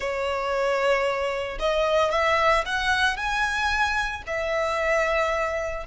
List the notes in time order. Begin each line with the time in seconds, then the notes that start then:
0.00 C#5
1.59 D#5
2.11 E5
2.65 F#5
3.16 G#5
4.26 E5